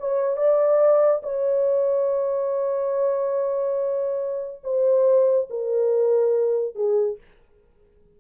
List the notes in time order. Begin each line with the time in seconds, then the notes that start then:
0.00 C#5
0.37 D5
1.23 C#5
4.64 C5
5.50 A#4
6.75 G#4